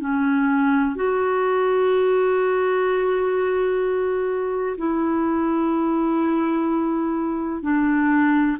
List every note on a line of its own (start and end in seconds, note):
0.00 0.95 C#4
0.95 4.76 F#4
4.77 7.62 E4
7.62 8.58 D4